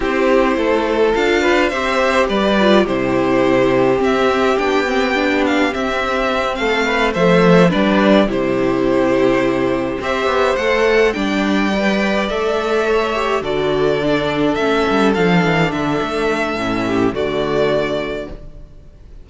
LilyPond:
<<
  \new Staff \with { instrumentName = "violin" } { \time 4/4 \tempo 4 = 105 c''2 f''4 e''4 | d''4 c''2 e''4 | g''4. f''8 e''4. f''8~ | f''8 e''4 d''4 c''4.~ |
c''4. e''4 fis''4 g''8~ | g''4. e''2 d''8~ | d''4. e''4 f''4 e''8~ | e''2 d''2 | }
  \new Staff \with { instrumentName = "violin" } { \time 4/4 g'4 a'4. b'8 c''4 | b'4 g'2.~ | g'2.~ g'8 a'8 | b'8 c''4 b'4 g'4.~ |
g'4. c''2 d''8~ | d''2~ d''8 cis''4 a'8~ | a'1~ | a'4. g'8 fis'2 | }
  \new Staff \with { instrumentName = "viola" } { \time 4/4 e'2 f'4 g'4~ | g'8 f'8 e'2 c'4 | d'8 c'8 d'4 c'2~ | c'8 a4 d'4 e'4.~ |
e'4. g'4 a'4 d'8~ | d'8 b'4 a'4. g'8 fis'8~ | fis'8 d'4 cis'4 d'4.~ | d'4 cis'4 a2 | }
  \new Staff \with { instrumentName = "cello" } { \time 4/4 c'4 a4 d'4 c'4 | g4 c2 c'4 | b2 c'4. a8~ | a8 f4 g4 c4.~ |
c4. c'8 b8 a4 g8~ | g4. a2 d8~ | d4. a8 g8 f8 e8 d8 | a4 a,4 d2 | }
>>